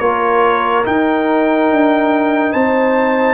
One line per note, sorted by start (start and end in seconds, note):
0.00 0.85 A#3
0.00 0.85 F4
0.00 2.53 A#4
0.00 0.85 C#5
0.85 3.35 D#4
0.85 1.71 D#4
0.85 2.52 G5
1.71 2.55 D4
2.52 3.35 C4
2.52 3.35 C5
2.52 3.35 A5